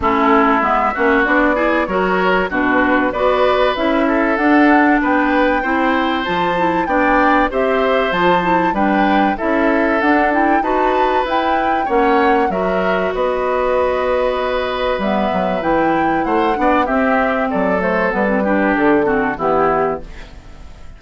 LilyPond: <<
  \new Staff \with { instrumentName = "flute" } { \time 4/4 \tempo 4 = 96 a'4 e''4 d''4 cis''4 | b'4 d''4 e''4 fis''4 | g''2 a''4 g''4 | e''4 a''4 g''4 e''4 |
fis''8 g''8 a''4 g''4 fis''4 | e''4 dis''2. | e''4 g''4 fis''4 e''4 | d''8 c''8 b'4 a'4 g'4 | }
  \new Staff \with { instrumentName = "oboe" } { \time 4/4 e'4. fis'4 gis'8 ais'4 | fis'4 b'4. a'4. | b'4 c''2 d''4 | c''2 b'4 a'4~ |
a'4 b'2 cis''4 | ais'4 b'2.~ | b'2 c''8 d''8 g'4 | a'4. g'4 fis'8 e'4 | }
  \new Staff \with { instrumentName = "clarinet" } { \time 4/4 cis'4 b8 cis'8 d'8 e'8 fis'4 | d'4 fis'4 e'4 d'4~ | d'4 e'4 f'8 e'8 d'4 | g'4 f'8 e'8 d'4 e'4 |
d'8 e'8 fis'4 e'4 cis'4 | fis'1 | b4 e'4. d'8 c'4~ | c'8 a8 b16 c'16 d'4 c'8 b4 | }
  \new Staff \with { instrumentName = "bassoon" } { \time 4/4 a4 gis8 ais8 b4 fis4 | b,4 b4 cis'4 d'4 | b4 c'4 f4 b4 | c'4 f4 g4 cis'4 |
d'4 dis'4 e'4 ais4 | fis4 b2. | g8 fis8 e4 a8 b8 c'4 | fis4 g4 d4 e4 | }
>>